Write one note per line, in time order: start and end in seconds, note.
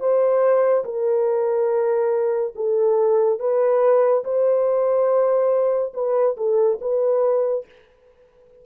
0.00 0.85 C5
0.85 2.54 A#4
2.56 3.40 A4
3.40 4.24 B4
4.24 5.93 C5
5.94 6.36 B4
6.37 6.80 A4
6.81 7.66 B4